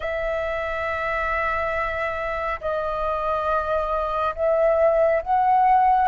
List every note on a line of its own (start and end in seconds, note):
0.00 2.59 E5
2.60 4.34 D#5
4.35 5.22 E5
5.22 6.08 F#5